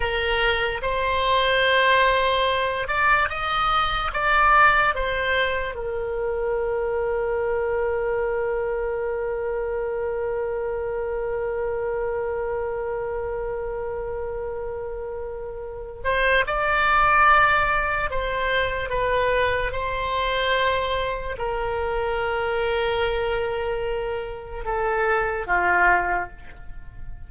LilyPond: \new Staff \with { instrumentName = "oboe" } { \time 4/4 \tempo 4 = 73 ais'4 c''2~ c''8 d''8 | dis''4 d''4 c''4 ais'4~ | ais'1~ | ais'1~ |
ais'2.~ ais'8 c''8 | d''2 c''4 b'4 | c''2 ais'2~ | ais'2 a'4 f'4 | }